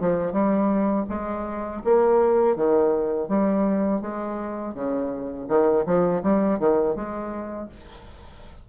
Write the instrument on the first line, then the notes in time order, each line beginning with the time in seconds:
bassoon
0.00 F3
0.33 G3
1.09 G#3
1.85 A#3
2.56 D#3
3.28 G3
4.01 G#3
4.75 C#3
5.48 D#3
5.86 F3
6.23 G3
6.60 D#3
6.96 G#3